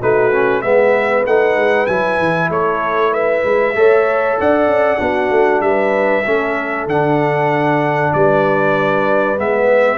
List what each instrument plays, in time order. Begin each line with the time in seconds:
0.00 tuba A3, trombone D#4, horn F#4, trumpet B4
0.32 trombone C#4
0.62 tuba G#3, trombone B3, horn B4, trumpet E5
1.26 tuba A3, trombone D#4, trumpet F#5
1.55 tuba G#3
1.87 tuba F#3, trombone E4, trumpet G#5
2.18 tuba E3
2.49 tuba A3, horn A4, trumpet C#5
3.12 horn B4, trumpet E5
3.44 tuba G#3
3.75 tuba A3, trombone A4, horn C#5
4.39 tuba D4, horn D5, trumpet F#5
4.67 tuba C#4
4.98 tuba B3, trombone D4, horn F#4
5.31 tuba A3
5.61 tuba G3, horn B4, trumpet E5
6.25 tuba A3, trombone C#4, horn A4
6.86 tuba D3, trombone D4, trumpet F#5
8.13 tuba G3, horn B4, trumpet D5
9.37 tuba G#3, trombone B3, trumpet E5